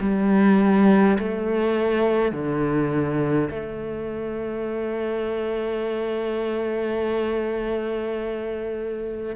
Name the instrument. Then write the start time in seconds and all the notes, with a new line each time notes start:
cello
0.00 G3
1.19 A3
2.32 D3
3.50 A3